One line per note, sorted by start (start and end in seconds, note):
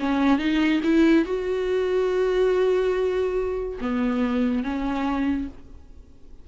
0.00 0.39 C#4
0.39 0.81 D#4
0.83 1.25 E4
1.25 3.79 F#4
3.81 4.63 B3
4.63 5.48 C#4